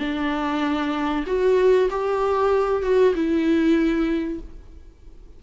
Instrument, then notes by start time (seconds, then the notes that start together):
viola
0.00 D4
1.27 F#4
1.90 G4
2.83 F#4
3.15 E4